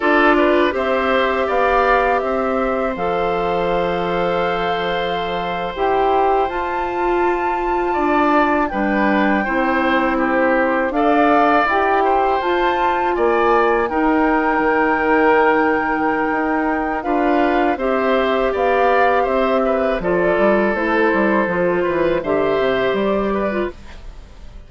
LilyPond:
<<
  \new Staff \with { instrumentName = "flute" } { \time 4/4 \tempo 4 = 81 d''4 e''4 f''4 e''4 | f''2.~ f''8. g''16~ | g''8. a''2. g''16~ | g''4.~ g''16 c''4 f''4 g''16~ |
g''8. a''4 gis''4 g''4~ g''16~ | g''2. f''4 | e''4 f''4 e''4 d''4 | c''2 e''4 d''4 | }
  \new Staff \with { instrumentName = "oboe" } { \time 4/4 a'8 b'8 c''4 d''4 c''4~ | c''1~ | c''2~ c''8. d''4 b'16~ | b'8. c''4 g'4 d''4~ d''16~ |
d''16 c''4. d''4 ais'4~ ais'16~ | ais'2. b'4 | c''4 d''4 c''8 b'8 a'4~ | a'4. b'8 c''4. b'8 | }
  \new Staff \with { instrumentName = "clarinet" } { \time 4/4 f'4 g'2. | a'2.~ a'8. g'16~ | g'8. f'2. d'16~ | d'8. e'2 a'4 g'16~ |
g'8. f'2 dis'4~ dis'16~ | dis'2. f'4 | g'2. f'4 | e'4 f'4 g'4.~ g'16 f'16 | }
  \new Staff \with { instrumentName = "bassoon" } { \time 4/4 d'4 c'4 b4 c'4 | f2.~ f8. e'16~ | e'8. f'2 d'4 g16~ | g8. c'2 d'4 e'16~ |
e'8. f'4 ais4 dis'4 dis16~ | dis2 dis'4 d'4 | c'4 b4 c'4 f8 g8 | a8 g8 f8 e8 d8 c8 g4 | }
>>